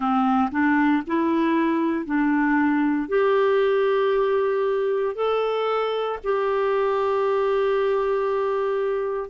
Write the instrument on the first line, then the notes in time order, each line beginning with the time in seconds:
clarinet
0.00 C4
0.51 D4
1.06 E4
2.05 D4
3.08 G4
5.15 A4
6.24 G4